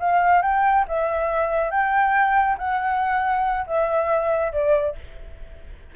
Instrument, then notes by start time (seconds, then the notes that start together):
flute
0.00 F5
0.42 G5
0.88 E5
1.71 G5
2.58 F#5
3.67 E5
4.53 D5